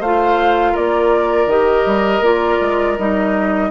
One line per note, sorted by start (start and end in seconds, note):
0.00 0.74 A3
0.00 1.50 F4
0.00 0.72 C5
0.00 0.76 F5
0.72 1.46 A#3
0.72 3.68 A#4
0.72 1.50 D5
1.46 1.83 D#3
1.46 2.23 G4
1.46 2.24 D#5
1.86 2.21 G3
2.21 2.58 A#3
2.21 2.97 F4
2.21 2.98 D5
2.61 2.98 G#3
2.98 3.71 G3
2.98 3.71 D#4
2.98 3.71 D#5